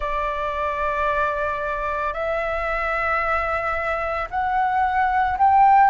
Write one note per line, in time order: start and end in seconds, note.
0.00 2.13 D5
2.13 4.28 E5
4.30 5.37 F#5
5.38 5.90 G5